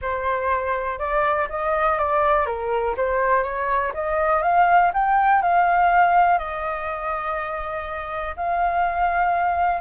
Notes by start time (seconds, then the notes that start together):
0.01 C5
0.98 D5
1.49 D#5
1.98 D5
2.45 A#4
2.96 C5
3.43 C#5
3.93 D#5
4.42 F5
4.93 G5
5.42 F5
6.38 D#5
8.36 F5